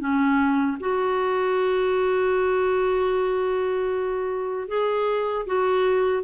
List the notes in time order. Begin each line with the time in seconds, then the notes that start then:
0.00 C#4
0.80 F#4
4.69 G#4
5.47 F#4